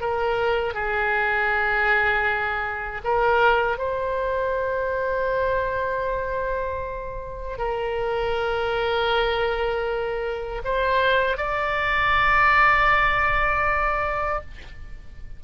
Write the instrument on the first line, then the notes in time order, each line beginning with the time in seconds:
oboe
0.00 A#4
0.74 G#4
3.03 A#4
3.78 C5
7.58 A#4
10.64 C5
11.36 D5